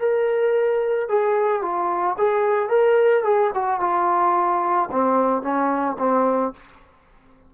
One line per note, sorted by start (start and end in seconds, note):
0.00 1.09 A#4
1.09 1.62 G#4
1.62 2.17 F4
2.18 2.70 G#4
2.70 3.24 A#4
3.24 3.51 G#4
3.55 3.81 F#4
3.81 4.90 F4
4.92 5.42 C4
5.42 5.97 C#4
5.99 6.53 C4